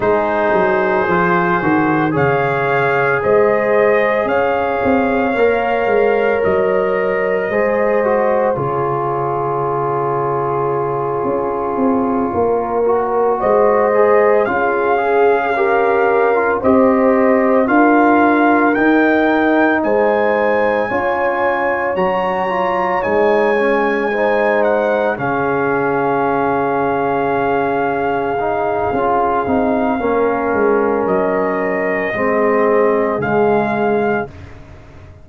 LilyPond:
<<
  \new Staff \with { instrumentName = "trumpet" } { \time 4/4 \tempo 4 = 56 c''2 f''4 dis''4 | f''2 dis''2 | cis''1~ | cis''8 dis''4 f''2 dis''8~ |
dis''8 f''4 g''4 gis''4.~ | gis''8 ais''4 gis''4. fis''8 f''8~ | f''1~ | f''4 dis''2 f''4 | }
  \new Staff \with { instrumentName = "horn" } { \time 4/4 gis'2 cis''4 c''4 | cis''2. c''4 | gis'2.~ gis'8 ais'8~ | ais'8 c''4 gis'4 ais'4 c''8~ |
c''8 ais'2 c''4 cis''8~ | cis''2~ cis''8 c''4 gis'8~ | gis'1 | ais'2 gis'2 | }
  \new Staff \with { instrumentName = "trombone" } { \time 4/4 dis'4 f'8 fis'8 gis'2~ | gis'4 ais'2 gis'8 fis'8 | f'1 | fis'4 gis'8 f'8 gis'8 g'8. f'16 g'8~ |
g'8 f'4 dis'2 f'8~ | f'8 fis'8 f'8 dis'8 cis'8 dis'4 cis'8~ | cis'2~ cis'8 dis'8 f'8 dis'8 | cis'2 c'4 gis4 | }
  \new Staff \with { instrumentName = "tuba" } { \time 4/4 gis8 fis8 f8 dis8 cis4 gis4 | cis'8 c'8 ais8 gis8 fis4 gis4 | cis2~ cis8 cis'8 c'8 ais8~ | ais8 gis4 cis'2 c'8~ |
c'8 d'4 dis'4 gis4 cis'8~ | cis'8 fis4 gis2 cis8~ | cis2. cis'8 c'8 | ais8 gis8 fis4 gis4 cis4 | }
>>